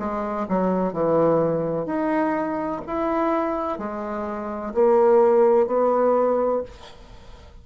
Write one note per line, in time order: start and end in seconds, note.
0.00 0.48 G#3
0.49 0.94 F#3
0.94 1.87 E3
1.87 2.82 D#4
2.87 3.79 E4
3.79 4.74 G#3
4.74 5.68 A#3
5.68 6.63 B3